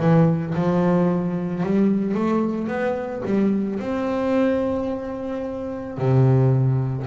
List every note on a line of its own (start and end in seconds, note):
0.00 0.55 E3
0.55 1.64 F3
1.64 2.15 G3
2.15 2.68 A3
2.68 3.22 B3
3.26 3.80 G3
3.80 5.98 C4
5.98 7.07 C3